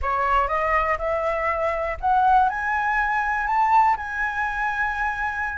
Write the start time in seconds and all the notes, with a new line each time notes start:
0.02 C#5
0.48 D#5
0.98 E5
2.00 F#5
2.49 G#5
3.46 A5
3.96 G#5